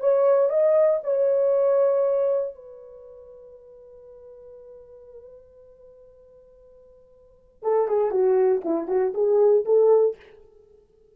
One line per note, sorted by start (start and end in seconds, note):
0.00 0.49 C#5
0.49 1.00 D#5
1.04 2.54 C#5
2.54 7.63 B4
7.63 7.88 A4
7.88 8.11 G#4
8.11 8.61 F#4
8.64 8.88 E4
8.88 9.13 F#4
9.14 9.65 G#4
9.65 10.16 A4